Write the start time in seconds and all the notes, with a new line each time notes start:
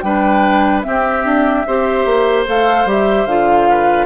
0.00 G3 D4 B4 G5
0.82 C4 G4 E5
1.24 D4
1.66 C4 G4 C5
2.05 A#3
2.46 A3 A4 F5
2.85 G3 G4
2.91 E5
3.25 D3 F4 F5
3.69 B4